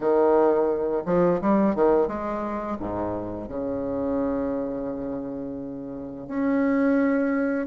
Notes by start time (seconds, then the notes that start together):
0.00 D#3
1.05 F3
1.41 G3
1.75 D#3
2.07 G#3
2.79 G#2
3.48 C#3
6.27 C#4